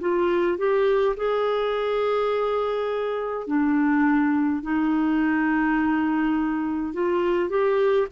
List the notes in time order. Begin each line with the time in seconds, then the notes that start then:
0.00 F4
0.58 G4
1.16 G#4
3.47 D4
4.62 D#4
6.93 F4
7.49 G4